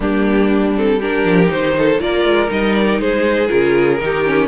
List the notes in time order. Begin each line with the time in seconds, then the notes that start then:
0.00 G3 A#3 D4 G4
0.76 C4 A4
0.99 D4 G4 A#4
1.24 F3
1.46 D#3 D#4 C5
1.77 A4
1.99 A#3 F4 A#4 D5
2.24 G#3
2.47 G3 D#4 D#5
2.75 D5
2.99 G#3 G#4 C5
3.47 C#3 F4 A#4
4.00 D#3 D#4 G4
4.25 C#4